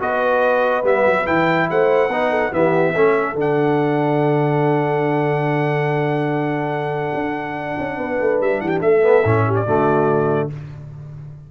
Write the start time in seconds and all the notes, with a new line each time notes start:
0.00 B3 F#4 B4 D#5
0.84 G3 B3 E5
1.06 F#3
1.26 E3 E4 G5
1.70 A3 C5 F#5
2.09 B3 D#4 B4
2.30 A4
2.52 E3 B3 G4 E5
2.95 A3 C#4 A4
3.35 D3 D4 F#5
7.15 D4
7.79 C#4
7.98 B3 B4
8.21 A3
8.41 G3 E5
8.61 E3 G4 F#5
8.69 G5
8.81 A3 A4 E5
9.02 B3
9.25 A2 C#4
9.47 G4
9.55 D5
9.66 D3 A3 F#4